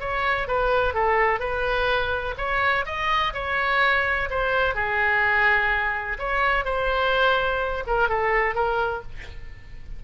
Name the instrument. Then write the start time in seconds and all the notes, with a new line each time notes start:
oboe
0.00 C#5
0.48 B4
0.94 A4
1.40 B4
2.38 C#5
2.85 D#5
3.34 C#5
4.30 C5
4.75 G#4
6.19 C#5
6.65 C5
7.87 A#4
8.09 A4
8.55 A#4